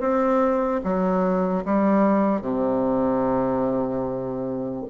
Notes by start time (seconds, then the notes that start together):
0.00 C4
0.84 F#3
1.65 G3
2.41 C3